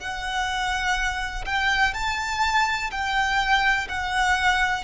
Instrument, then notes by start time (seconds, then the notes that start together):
violin
0.00 F#5
1.46 G5
1.94 A5
2.91 G5
3.89 F#5